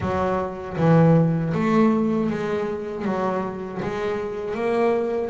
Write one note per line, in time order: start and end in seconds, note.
0.00 0.76 F#3
0.77 1.53 E3
1.54 2.30 A3
2.30 3.04 G#3
3.04 3.80 F#3
3.82 4.54 G#3
4.54 5.30 A#3